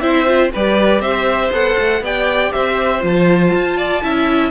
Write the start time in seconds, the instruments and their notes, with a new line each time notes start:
0.00 cello C4, viola E4, violin C5 E5
0.26 viola F4
0.53 cello G3, viola G4, violin B4 D5
1.00 cello C4, violin C5 E5
1.52 cello B3, viola A4, violin F#5
1.78 cello A3
2.01 cello B3, viola G4, violin D5 G5
2.52 cello C4, violin C5 E5
3.00 cello F3, viola F4, violin A5
3.54 cello F4
3.77 violin D5
4.02 cello C#4, viola E4, violin E5